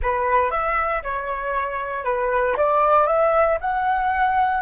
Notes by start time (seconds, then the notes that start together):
0.02 B4
0.51 E5
1.02 C#5
2.04 B4
2.56 D5
3.06 E5
3.60 F#5